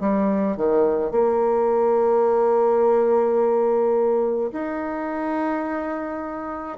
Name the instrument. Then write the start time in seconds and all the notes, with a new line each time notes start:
bassoon
0.00 G3
0.57 D#3
1.11 A#3
4.52 D#4